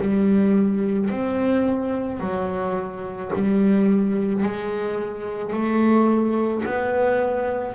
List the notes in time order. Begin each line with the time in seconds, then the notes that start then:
0.00 G3
1.10 C4
2.20 F#3
3.34 G3
4.43 G#3
5.53 A3
6.65 B3